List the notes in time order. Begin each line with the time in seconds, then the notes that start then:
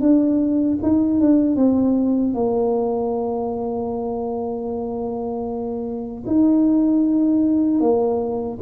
0.00 D4
0.82 D#4
1.20 D4
1.55 C4
2.33 A#3
6.26 D#4
7.80 A#3